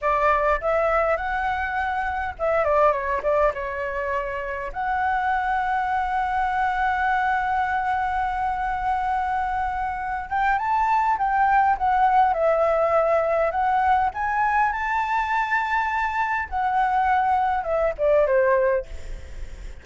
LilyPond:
\new Staff \with { instrumentName = "flute" } { \time 4/4 \tempo 4 = 102 d''4 e''4 fis''2 | e''8 d''8 cis''8 d''8 cis''2 | fis''1~ | fis''1~ |
fis''4. g''8 a''4 g''4 | fis''4 e''2 fis''4 | gis''4 a''2. | fis''2 e''8 d''8 c''4 | }